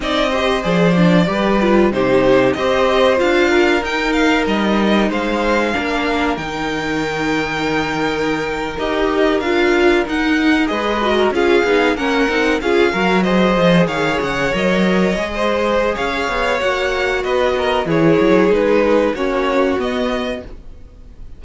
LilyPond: <<
  \new Staff \with { instrumentName = "violin" } { \time 4/4 \tempo 4 = 94 dis''4 d''2 c''4 | dis''4 f''4 g''8 f''8 dis''4 | f''2 g''2~ | g''4.~ g''16 dis''4 f''4 fis''16~ |
fis''8. dis''4 f''4 fis''4 f''16~ | f''8. dis''4 f''8 fis''8 dis''4~ dis''16~ | dis''4 f''4 fis''4 dis''4 | cis''4 b'4 cis''4 dis''4 | }
  \new Staff \with { instrumentName = "violin" } { \time 4/4 d''8 c''4. b'4 g'4 | c''4. ais'2~ ais'8 | c''4 ais'2.~ | ais'1~ |
ais'8. b'8. ais'16 gis'4 ais'4 gis'16~ | gis'16 ais'8 c''4 cis''2~ cis''16 | c''4 cis''2 b'8 ais'8 | gis'2 fis'2 | }
  \new Staff \with { instrumentName = "viola" } { \time 4/4 dis'8 g'8 gis'8 d'8 g'8 f'8 dis'4 | g'4 f'4 dis'2~ | dis'4 d'4 dis'2~ | dis'4.~ dis'16 g'4 f'4 dis'16~ |
dis'8. gis'8 fis'8 f'8 dis'8 cis'8 dis'8 f'16~ | f'16 fis'8 gis'2 ais'4 gis'16~ | gis'2 fis'2 | e'4 dis'4 cis'4 b4 | }
  \new Staff \with { instrumentName = "cello" } { \time 4/4 c'4 f4 g4 c4 | c'4 d'4 dis'4 g4 | gis4 ais4 dis2~ | dis4.~ dis16 dis'4 d'4 dis'16~ |
dis'8. gis4 cis'8 b8 ais8 c'8 cis'16~ | cis'16 fis4 f8 dis8 cis8 fis4 gis16~ | gis4 cis'8 b8 ais4 b4 | e8 fis8 gis4 ais4 b4 | }
>>